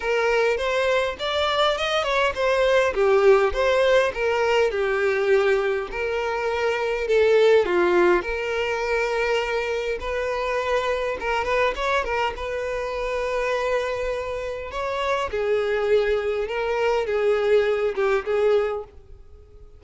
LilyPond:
\new Staff \with { instrumentName = "violin" } { \time 4/4 \tempo 4 = 102 ais'4 c''4 d''4 dis''8 cis''8 | c''4 g'4 c''4 ais'4 | g'2 ais'2 | a'4 f'4 ais'2~ |
ais'4 b'2 ais'8 b'8 | cis''8 ais'8 b'2.~ | b'4 cis''4 gis'2 | ais'4 gis'4. g'8 gis'4 | }